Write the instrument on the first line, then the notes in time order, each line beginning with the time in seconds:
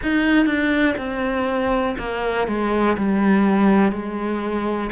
cello
0.02 D#4
0.46 D4
0.97 C4
1.98 A#3
2.47 G#3
2.97 G3
3.92 G#3